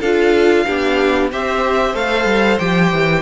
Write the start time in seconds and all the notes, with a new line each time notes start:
0.00 D4 F4 A4 F5
0.65 B3 D4 G4
1.31 C4 G4 C5 E5
1.94 A3 A4 F5
2.24 G3
2.58 F3 G4 G5
2.92 E3